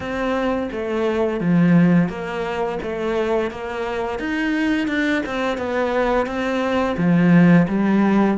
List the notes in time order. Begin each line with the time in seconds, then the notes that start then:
0.00 C4
0.71 A3
1.40 F3
2.08 A#3
2.82 A3
3.50 A#3
4.19 D#4
4.87 D4
5.25 C4
5.57 B3
6.26 C4
6.97 F3
7.67 G3